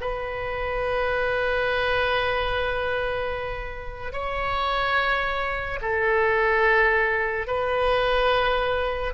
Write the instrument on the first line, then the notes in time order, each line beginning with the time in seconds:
oboe
0.00 B4
4.12 C#5
5.81 A4
7.47 B4